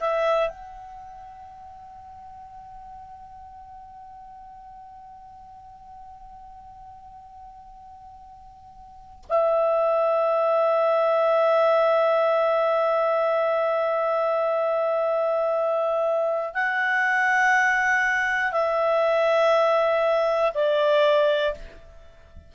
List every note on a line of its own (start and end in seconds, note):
0.00 0.49 E5
0.49 9.24 F#5
9.29 16.54 E5
16.54 18.52 F#5
18.52 20.52 E5
20.55 21.55 D5